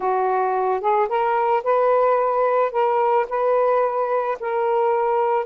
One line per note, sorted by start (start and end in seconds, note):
0.00 0.80 F#4
0.80 1.08 G#4
1.08 1.63 A#4
1.63 2.71 B4
2.71 3.26 A#4
3.29 4.38 B4
4.40 5.45 A#4